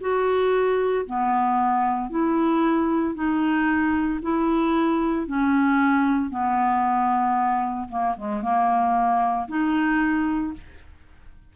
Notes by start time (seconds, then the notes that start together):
0.00 F#4
1.06 B3
2.10 E4
3.15 D#4
4.22 E4
5.26 C#4
6.30 B3
7.89 A#3
8.16 G#3
8.42 A#3
9.48 D#4